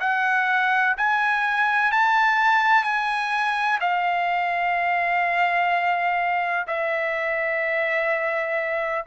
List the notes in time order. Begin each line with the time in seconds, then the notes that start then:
0.00 F#5
0.97 G#5
1.91 A5
2.84 G#5
3.81 F5
6.67 E5